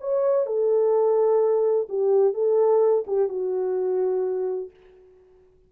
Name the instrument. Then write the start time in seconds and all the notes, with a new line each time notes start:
horn
0.00 C#5
0.46 A4
1.89 G4
2.33 A4
3.07 G4
3.28 F#4